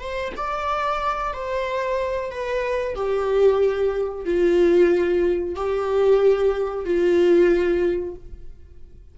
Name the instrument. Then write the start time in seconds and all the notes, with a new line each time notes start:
viola
0.00 C5
0.37 D5
1.34 C5
2.31 B4
2.95 G4
4.25 F4
5.56 G4
6.85 F4